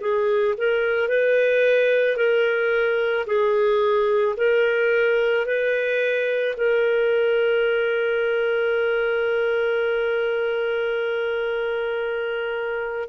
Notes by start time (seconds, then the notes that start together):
0.00 G#4
0.57 A#4
1.08 B4
2.16 A#4
3.26 G#4
4.36 A#4
5.45 B4
6.57 A#4